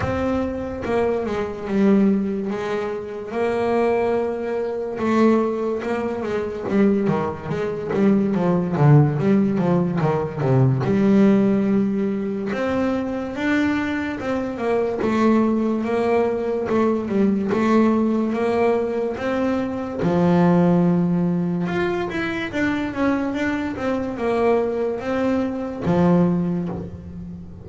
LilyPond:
\new Staff \with { instrumentName = "double bass" } { \time 4/4 \tempo 4 = 72 c'4 ais8 gis8 g4 gis4 | ais2 a4 ais8 gis8 | g8 dis8 gis8 g8 f8 d8 g8 f8 | dis8 c8 g2 c'4 |
d'4 c'8 ais8 a4 ais4 | a8 g8 a4 ais4 c'4 | f2 f'8 e'8 d'8 cis'8 | d'8 c'8 ais4 c'4 f4 | }